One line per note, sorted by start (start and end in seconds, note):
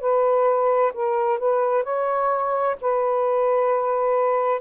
0.00 0.92 B4
0.93 1.38 A#4
1.38 1.83 B4
1.83 2.76 C#5
2.81 4.61 B4